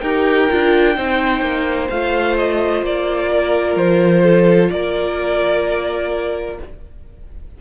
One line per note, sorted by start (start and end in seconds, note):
0.00 0.49 D#4
0.00 0.50 G4
0.00 0.95 A#4
0.00 1.88 G5
0.50 0.97 D4
0.50 0.96 F4
0.96 1.41 C4
0.96 1.89 D#4
0.96 3.30 C5
1.41 1.88 A#3
1.90 2.82 A3
1.90 6.61 F4
1.90 2.37 F5
2.37 2.84 D#5
2.82 3.76 A#3
2.82 3.77 D5
3.32 4.23 A#4
3.76 4.70 F3
3.76 4.70 C5
4.23 4.70 A4
4.70 6.58 A#3
4.70 6.60 A#4
4.70 6.58 D5